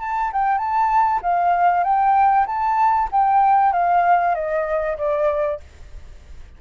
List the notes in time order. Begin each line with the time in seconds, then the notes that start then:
0.00 A5
0.32 G5
0.58 A5
1.22 F5
1.84 G5
2.46 A5
3.12 G5
3.72 F5
4.35 D#5
4.98 D5